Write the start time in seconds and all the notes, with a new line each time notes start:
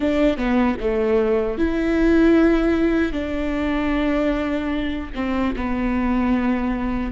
0.00 D4
0.37 B3
0.80 A3
1.58 E4
3.12 D4
5.15 C4
5.56 B3